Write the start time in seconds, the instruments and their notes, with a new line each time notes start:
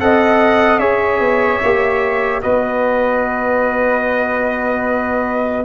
0.00 tuba C4, trombone A4, flute D#5, trumpet F#5
0.80 tuba C#4, trombone G#4, flute C#5, trumpet E5
1.20 tuba B3
1.64 tuba A#3, trombone G4
2.43 tuba B3, trombone F#4, flute B4, trumpet D#5